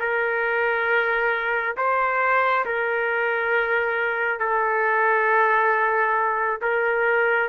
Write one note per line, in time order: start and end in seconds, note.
0.00 1.76 A#4
1.77 2.66 C5
2.66 4.40 A#4
4.40 6.61 A4
6.62 7.50 A#4